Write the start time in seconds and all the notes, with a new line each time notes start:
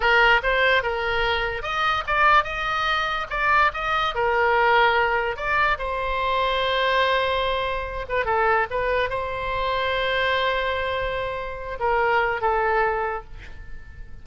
0.00 A#4
0.43 C5
0.83 A#4
1.62 D#5
2.06 D5
2.44 D#5
3.30 D5
3.73 D#5
4.14 A#4
5.36 D5
5.78 C5
8.08 B4
8.25 A4
8.70 B4
9.09 C5
11.79 A#4
12.41 A4